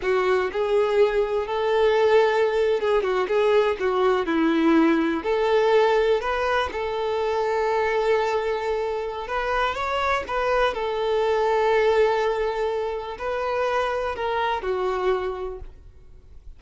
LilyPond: \new Staff \with { instrumentName = "violin" } { \time 4/4 \tempo 4 = 123 fis'4 gis'2 a'4~ | a'4.~ a'16 gis'8 fis'8 gis'4 fis'16~ | fis'8. e'2 a'4~ a'16~ | a'8. b'4 a'2~ a'16~ |
a'2. b'4 | cis''4 b'4 a'2~ | a'2. b'4~ | b'4 ais'4 fis'2 | }